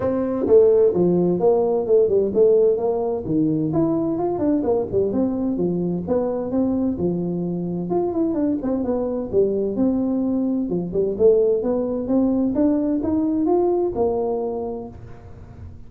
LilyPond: \new Staff \with { instrumentName = "tuba" } { \time 4/4 \tempo 4 = 129 c'4 a4 f4 ais4 | a8 g8 a4 ais4 dis4 | e'4 f'8 d'8 ais8 g8 c'4 | f4 b4 c'4 f4~ |
f4 f'8 e'8 d'8 c'8 b4 | g4 c'2 f8 g8 | a4 b4 c'4 d'4 | dis'4 f'4 ais2 | }